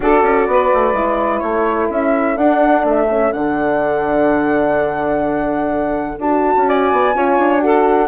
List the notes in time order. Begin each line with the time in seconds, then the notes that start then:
0.00 D4 F#4 A4 D5
0.22 C#4
0.47 B3 B4
0.73 A3
0.93 G#3 E4
1.39 A3 A4 C#5
1.89 C#4 E5
2.36 D4 F#5
2.84 A3 E5
3.09 C#4
3.32 D3 D4 F#5
6.18 D4 F#4 A5
6.56 C#4
6.67 D5 G#5
6.92 B3
7.14 C#4 F4 C#5
7.37 D4
7.59 F#4 A4 F#5